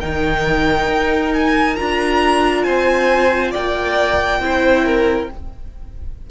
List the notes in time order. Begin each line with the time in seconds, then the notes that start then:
0.00 D#3 D#4 A#4 G5
0.88 D#4
1.34 G#5
1.76 D4 F4 A#5
2.63 C4 C5 G#5
3.51 A#3 D5 G5
4.40 C4 E4 C5
4.85 A#4